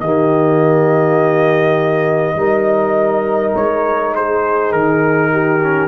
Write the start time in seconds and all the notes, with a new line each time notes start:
0.00 D#3 A#3 G4 D#5
2.35 G3 D#4 A#4
3.55 G#3 C#5
4.15 G#4 C5
4.72 D#3 A#4
5.32 G4
5.62 C#4